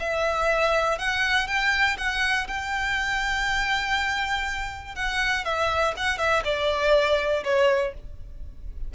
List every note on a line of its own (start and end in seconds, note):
0.00 0.99 E5
0.99 1.48 F#5
1.48 1.97 G5
1.98 2.48 F#5
2.48 4.95 G5
4.95 5.45 F#5
5.45 5.95 E5
5.97 6.19 F#5
6.19 6.43 E5
6.45 7.44 D5
7.44 7.94 C#5